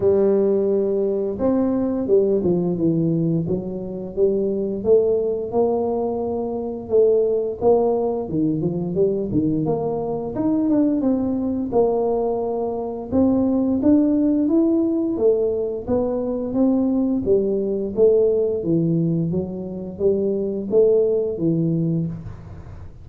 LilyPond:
\new Staff \with { instrumentName = "tuba" } { \time 4/4 \tempo 4 = 87 g2 c'4 g8 f8 | e4 fis4 g4 a4 | ais2 a4 ais4 | dis8 f8 g8 dis8 ais4 dis'8 d'8 |
c'4 ais2 c'4 | d'4 e'4 a4 b4 | c'4 g4 a4 e4 | fis4 g4 a4 e4 | }